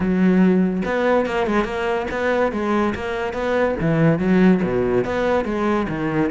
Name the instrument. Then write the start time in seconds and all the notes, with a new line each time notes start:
cello
0.00 F#3
0.85 B3
1.25 A#3
1.46 G#3
1.64 A#3
2.10 B3
2.52 G#3
2.94 A#3
3.33 B3
3.80 E3
4.18 F#3
4.63 B2
5.04 B3
5.45 G#3
5.88 D#3